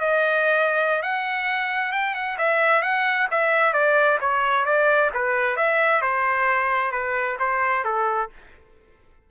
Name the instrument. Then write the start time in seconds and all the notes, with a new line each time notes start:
trumpet
0.00 D#5
1.02 F#5
1.92 G5
2.14 F#5
2.38 E5
2.82 F#5
3.31 E5
3.73 D5
4.20 C#5
4.65 D5
5.14 B4
5.56 E5
6.01 C5
6.92 B4
7.39 C5
7.84 A4